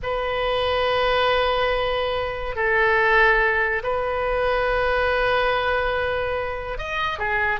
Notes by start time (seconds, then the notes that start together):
0.02 B4
2.55 A4
3.83 B4
6.78 D#5
7.18 G#4